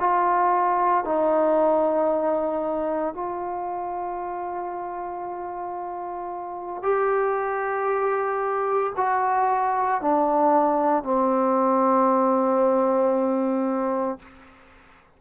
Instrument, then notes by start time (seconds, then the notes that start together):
trombone
0.00 F4
1.05 D#4
3.15 F4
6.83 G4
8.97 F#4
10.01 D4
11.04 C4